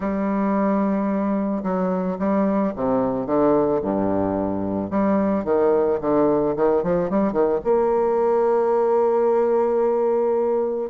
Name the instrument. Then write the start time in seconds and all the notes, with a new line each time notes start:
bassoon
0.00 G3
1.63 F#3
2.18 G3
2.75 C3
3.26 D3
3.82 G2
4.90 G3
5.44 D#3
6.00 D3
6.56 D#3
6.83 F3
7.09 G3
7.32 D#3
7.64 A#3